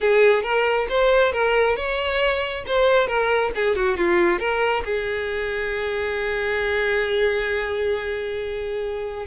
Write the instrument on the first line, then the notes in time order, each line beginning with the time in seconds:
violin
0.00 G#4
0.43 A#4
0.89 C5
1.32 A#4
1.76 C#5
2.66 C5
3.07 A#4
3.55 G#4
3.75 F#4
3.97 F4
4.39 A#4
4.84 G#4